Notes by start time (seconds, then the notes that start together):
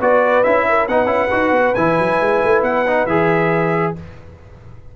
0.00 B3 F#4 B4 D5
0.43 C#4 E4 E5
0.69 A#4
0.88 B3 D#4 B4 F#5
1.05 C#4 E4
1.31 D#4 F#4
1.51 B3
1.74 E3 E4 G#5
1.98 F#3
2.20 G#3
2.44 A3
2.62 B3 F#5
2.86 D#4
3.06 E3 G#4 E5